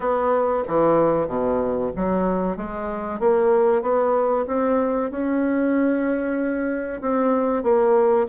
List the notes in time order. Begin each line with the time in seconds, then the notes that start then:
0.00 B3
0.67 E3
1.27 B2
1.96 F#3
2.56 G#3
3.19 A#3
3.82 B3
4.47 C4
5.10 C#4
7.01 C4
7.63 A#3